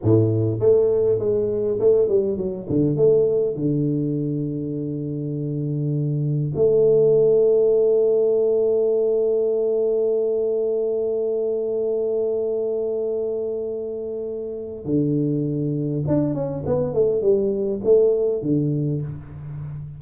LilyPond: \new Staff \with { instrumentName = "tuba" } { \time 4/4 \tempo 4 = 101 a,4 a4 gis4 a8 g8 | fis8 d8 a4 d2~ | d2. a4~ | a1~ |
a1~ | a1~ | a4 d2 d'8 cis'8 | b8 a8 g4 a4 d4 | }